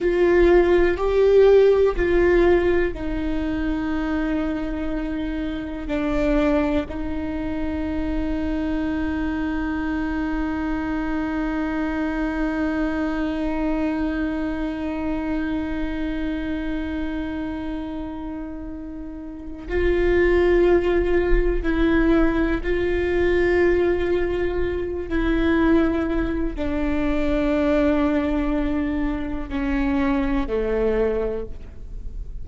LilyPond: \new Staff \with { instrumentName = "viola" } { \time 4/4 \tempo 4 = 61 f'4 g'4 f'4 dis'4~ | dis'2 d'4 dis'4~ | dis'1~ | dis'1~ |
dis'1 | f'2 e'4 f'4~ | f'4. e'4. d'4~ | d'2 cis'4 a4 | }